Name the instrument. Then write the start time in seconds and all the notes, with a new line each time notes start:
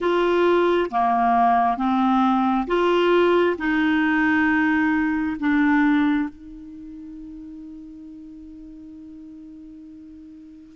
clarinet
0.00 F4
0.90 A#3
1.77 C4
2.67 F4
3.57 D#4
5.39 D4
6.29 D#4